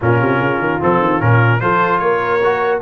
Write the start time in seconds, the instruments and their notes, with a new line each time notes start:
0.01 tuba A#2, trombone C#4, horn F4, trumpet A#4
0.21 tuba C3
0.39 tuba C#3
0.58 tuba D#3
0.80 tuba F3, trombone C4, trumpet A4
0.99 tuba D#3
1.20 tuba A#2, trombone C#4, trumpet A#4
1.60 tuba F3, trombone F4, horn A4, trumpet C5
1.98 tuba A#3, horn A#4, trumpet C#5
2.43 trombone F#4